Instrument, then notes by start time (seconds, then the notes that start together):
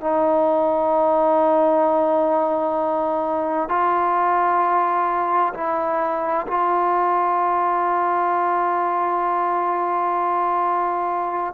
trombone
0.00 D#4
3.68 F4
5.54 E4
6.47 F4